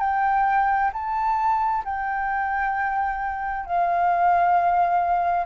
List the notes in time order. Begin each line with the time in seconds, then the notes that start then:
0.00 G5
0.93 A5
1.85 G5
3.66 F5